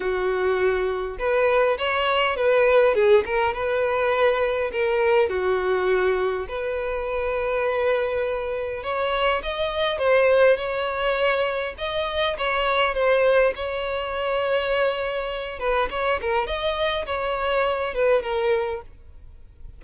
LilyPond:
\new Staff \with { instrumentName = "violin" } { \time 4/4 \tempo 4 = 102 fis'2 b'4 cis''4 | b'4 gis'8 ais'8 b'2 | ais'4 fis'2 b'4~ | b'2. cis''4 |
dis''4 c''4 cis''2 | dis''4 cis''4 c''4 cis''4~ | cis''2~ cis''8 b'8 cis''8 ais'8 | dis''4 cis''4. b'8 ais'4 | }